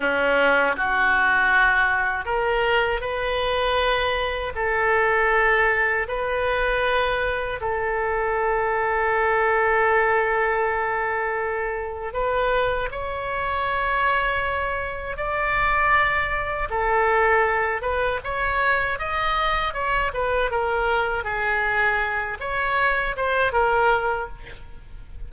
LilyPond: \new Staff \with { instrumentName = "oboe" } { \time 4/4 \tempo 4 = 79 cis'4 fis'2 ais'4 | b'2 a'2 | b'2 a'2~ | a'1 |
b'4 cis''2. | d''2 a'4. b'8 | cis''4 dis''4 cis''8 b'8 ais'4 | gis'4. cis''4 c''8 ais'4 | }